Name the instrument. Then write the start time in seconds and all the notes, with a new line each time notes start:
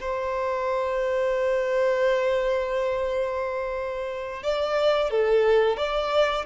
violin
0.00 C5
4.43 D5
5.10 A4
5.77 D5